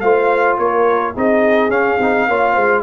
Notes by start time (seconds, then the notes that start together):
0.00 A3 F4 C5 F5
0.58 A#3 A#4 C#5
1.15 C4 D#4 G#4 D#5
1.69 C#4 F5
1.99 C4 D#4
2.28 A#3 F4 C#5
2.53 G#3 C5